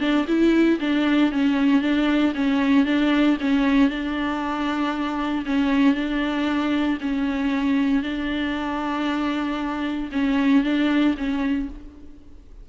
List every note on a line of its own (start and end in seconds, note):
0.00 0.26 D4
0.28 0.79 E4
0.80 1.32 D4
1.32 1.81 C#4
1.81 2.33 D4
2.35 2.85 C#4
2.85 3.37 D4
3.40 3.89 C#4
3.89 5.45 D4
5.45 5.95 C#4
5.95 6.98 D4
7.01 8.03 C#4
8.03 10.10 D4
10.12 10.63 C#4
10.63 11.15 D4
11.17 11.69 C#4